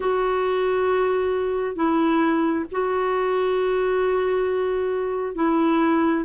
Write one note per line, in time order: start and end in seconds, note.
0.00 1.75 F#4
1.75 2.65 E4
2.71 5.35 F#4
5.35 6.24 E4